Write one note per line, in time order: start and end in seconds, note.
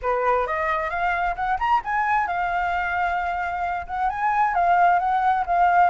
0.02 0.46 B4
0.46 0.89 D#5
0.89 1.35 F5
1.35 1.58 F#5
1.59 1.81 A#5
1.84 2.27 G#5
2.27 3.86 F5
3.87 4.09 F#5
4.09 4.54 G#5
4.54 4.99 F5
4.99 5.44 F#5
5.46 5.90 F5